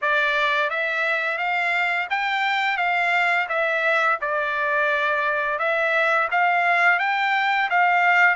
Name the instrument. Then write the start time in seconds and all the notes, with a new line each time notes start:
trumpet
0.01 D5
0.70 E5
1.38 F5
2.09 G5
2.77 F5
3.48 E5
4.21 D5
5.58 E5
6.31 F5
6.99 G5
7.69 F5